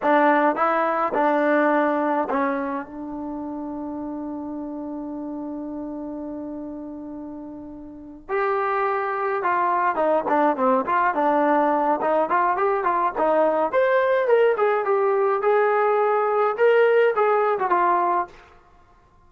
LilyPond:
\new Staff \with { instrumentName = "trombone" } { \time 4/4 \tempo 4 = 105 d'4 e'4 d'2 | cis'4 d'2.~ | d'1~ | d'2~ d'8 g'4.~ |
g'8 f'4 dis'8 d'8 c'8 f'8 d'8~ | d'4 dis'8 f'8 g'8 f'8 dis'4 | c''4 ais'8 gis'8 g'4 gis'4~ | gis'4 ais'4 gis'8. fis'16 f'4 | }